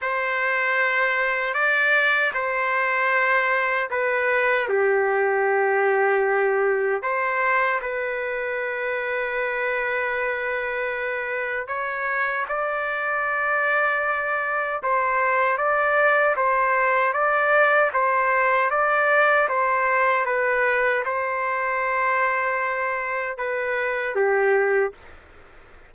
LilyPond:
\new Staff \with { instrumentName = "trumpet" } { \time 4/4 \tempo 4 = 77 c''2 d''4 c''4~ | c''4 b'4 g'2~ | g'4 c''4 b'2~ | b'2. cis''4 |
d''2. c''4 | d''4 c''4 d''4 c''4 | d''4 c''4 b'4 c''4~ | c''2 b'4 g'4 | }